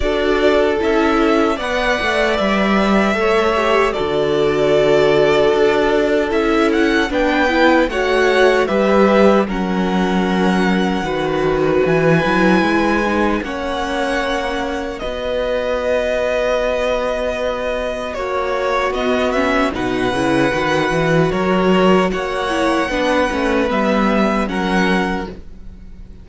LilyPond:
<<
  \new Staff \with { instrumentName = "violin" } { \time 4/4 \tempo 4 = 76 d''4 e''4 fis''4 e''4~ | e''4 d''2. | e''8 fis''8 g''4 fis''4 e''4 | fis''2. gis''4~ |
gis''4 fis''2 dis''4~ | dis''2. cis''4 | dis''8 e''8 fis''2 cis''4 | fis''2 e''4 fis''4 | }
  \new Staff \with { instrumentName = "violin" } { \time 4/4 a'2 d''2 | cis''4 a'2.~ | a'4 b'4 cis''4 b'4 | ais'2 b'2~ |
b'4 cis''2 b'4~ | b'2. fis'4~ | fis'4 b'2 ais'4 | cis''4 b'2 ais'4 | }
  \new Staff \with { instrumentName = "viola" } { \time 4/4 fis'4 e'4 b'2 | a'8 g'8 fis'2. | e'4 d'8 e'8 fis'4 g'4 | cis'2 fis'4. e'8~ |
e'8 dis'8 cis'2 fis'4~ | fis'1 | b8 cis'8 dis'8 e'8 fis'2~ | fis'8 e'8 d'8 cis'8 b4 cis'4 | }
  \new Staff \with { instrumentName = "cello" } { \time 4/4 d'4 cis'4 b8 a8 g4 | a4 d2 d'4 | cis'4 b4 a4 g4 | fis2 dis4 e8 fis8 |
gis4 ais2 b4~ | b2. ais4 | b4 b,8 cis8 dis8 e8 fis4 | ais4 b8 a8 g4 fis4 | }
>>